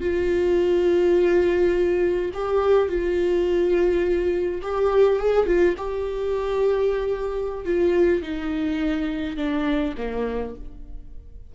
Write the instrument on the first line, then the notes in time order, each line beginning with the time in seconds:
viola
0.00 F4
2.33 G4
2.88 F4
4.61 G4
5.18 G#4
5.46 F4
5.77 G4
7.65 F4
8.22 D#4
9.36 D4
9.97 A#3